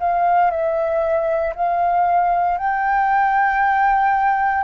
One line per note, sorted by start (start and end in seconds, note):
0.00 0.51 F5
0.51 1.54 E5
1.55 2.58 F5
2.58 4.64 G5